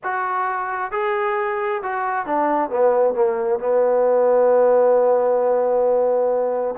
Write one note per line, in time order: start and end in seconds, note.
0.03 0.91 F#4
0.91 1.82 G#4
1.82 2.26 F#4
2.26 2.69 D4
2.69 3.14 B3
3.14 3.59 A#3
3.59 6.75 B3